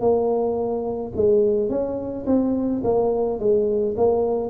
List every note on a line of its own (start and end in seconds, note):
0.00 1.12 A#3
1.15 1.69 G#3
1.69 2.25 C#4
2.26 2.82 C4
2.84 3.39 A#3
3.39 3.95 G#3
3.97 4.49 A#3